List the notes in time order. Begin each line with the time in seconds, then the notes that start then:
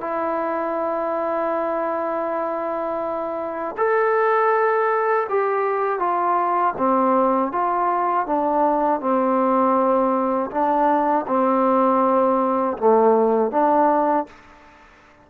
0.00 E4
3.77 A4
5.29 G4
5.99 F4
6.77 C4
7.52 F4
8.26 D4
9.00 C4
10.50 D4
11.27 C4
12.77 A3
13.51 D4